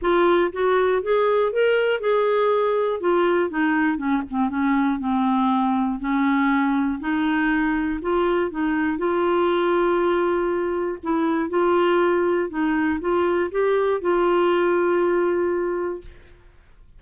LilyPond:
\new Staff \with { instrumentName = "clarinet" } { \time 4/4 \tempo 4 = 120 f'4 fis'4 gis'4 ais'4 | gis'2 f'4 dis'4 | cis'8 c'8 cis'4 c'2 | cis'2 dis'2 |
f'4 dis'4 f'2~ | f'2 e'4 f'4~ | f'4 dis'4 f'4 g'4 | f'1 | }